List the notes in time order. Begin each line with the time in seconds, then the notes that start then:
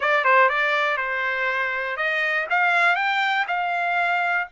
0.00 D5
0.24 C5
0.49 D5
0.97 C5
1.96 D#5
2.50 F5
2.95 G5
3.47 F5